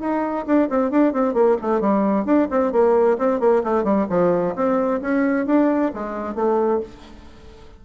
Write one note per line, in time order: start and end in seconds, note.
0.00 0.45 D#4
0.46 0.69 D4
0.70 0.91 C4
0.91 1.13 D4
1.13 1.34 C4
1.34 1.57 A#3
1.62 1.81 A3
1.81 2.25 G3
2.25 2.48 D4
2.51 2.72 C4
2.72 3.18 A#3
3.19 3.40 C4
3.40 3.63 A#3
3.64 3.84 A3
3.84 4.07 G3
4.10 4.55 F3
4.56 5.01 C4
5.02 5.46 C#4
5.46 5.92 D4
5.94 6.35 G#3
6.35 6.81 A3